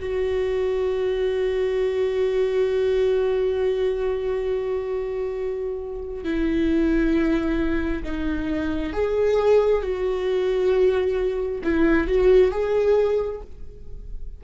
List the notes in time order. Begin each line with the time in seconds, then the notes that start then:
0.00 F#4
6.24 E4
8.04 D#4
8.93 G#4
9.83 F#4
11.64 E4
12.08 F#4
12.52 G#4